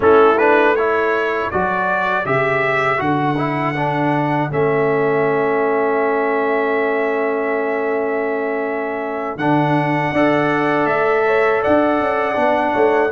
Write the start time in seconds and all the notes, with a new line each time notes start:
0.00 A3 C#4 E4 A4
0.38 D4 B4
0.75 E4 A4 C#5
1.50 F#3 F#4 D5
2.24 C#3 G4 E5
2.97 D3 F#4 F#5
3.37 E4
3.75 D4
4.50 A3 C#4 E5
9.35 D3 D4 F#5
10.12 D4 A4 D5
10.85 A3 E5
11.26 C#5
11.62 D4 D5 F#5
11.99 C#4
12.35 B3 D4
12.73 A3 C#5